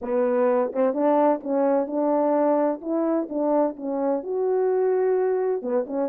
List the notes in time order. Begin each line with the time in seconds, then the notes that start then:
0.01 B3
0.72 C4
0.93 D4
1.43 C#4
1.86 D4
2.81 E4
3.29 D4
3.76 C#4
4.23 F#4
5.61 B3
5.86 C#4